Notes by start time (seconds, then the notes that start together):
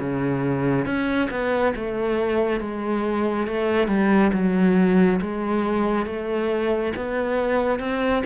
0.00 C#3
0.85 C#4
1.30 B3
1.75 A3
2.60 G#3
3.47 A3
3.88 G3
4.33 F#3
5.21 G#3
6.06 A3
6.96 B3
7.79 C4